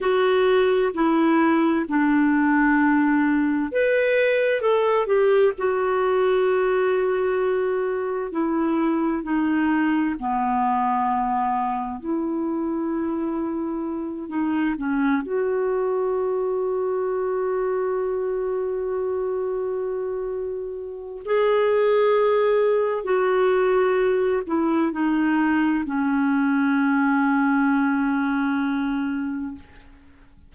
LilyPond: \new Staff \with { instrumentName = "clarinet" } { \time 4/4 \tempo 4 = 65 fis'4 e'4 d'2 | b'4 a'8 g'8 fis'2~ | fis'4 e'4 dis'4 b4~ | b4 e'2~ e'8 dis'8 |
cis'8 fis'2.~ fis'8~ | fis'2. gis'4~ | gis'4 fis'4. e'8 dis'4 | cis'1 | }